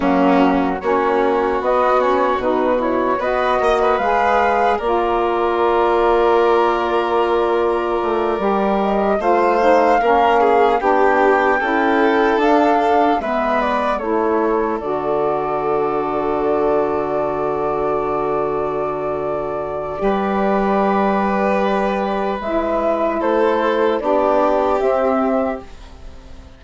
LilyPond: <<
  \new Staff \with { instrumentName = "flute" } { \time 4/4 \tempo 4 = 75 fis'4 cis''4 dis''8 cis''8 b'8 cis''8 | dis''4 f''4 d''2~ | d''2. dis''8 f''8~ | f''4. g''2 f''8~ |
f''8 e''8 d''8 cis''4 d''4.~ | d''1~ | d''1 | e''4 c''4 d''4 e''4 | }
  \new Staff \with { instrumentName = "violin" } { \time 4/4 cis'4 fis'2. | b'8 dis''16 b'4~ b'16 ais'2~ | ais'2.~ ais'8 c''8~ | c''8 ais'8 gis'8 g'4 a'4.~ |
a'8 b'4 a'2~ a'8~ | a'1~ | a'4 b'2.~ | b'4 a'4 g'2 | }
  \new Staff \with { instrumentName = "saxophone" } { \time 4/4 ais4 cis'4 b8 cis'8 dis'8 e'8 | fis'4 gis'4 f'2~ | f'2~ f'8 g'4 f'8 | dis'8 cis'4 d'4 e'4 d'8~ |
d'8 b4 e'4 fis'4.~ | fis'1~ | fis'4 g'2. | e'2 d'4 c'4 | }
  \new Staff \with { instrumentName = "bassoon" } { \time 4/4 fis4 ais4 b4 b,4 | b8 ais8 gis4 ais2~ | ais2 a8 g4 a8~ | a8 ais4 b4 cis'4 d'8~ |
d'8 gis4 a4 d4.~ | d1~ | d4 g2. | gis4 a4 b4 c'4 | }
>>